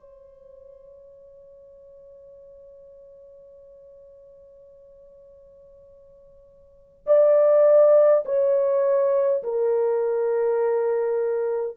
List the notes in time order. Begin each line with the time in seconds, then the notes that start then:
0.00 C#5
7.06 D5
8.25 C#5
9.43 A#4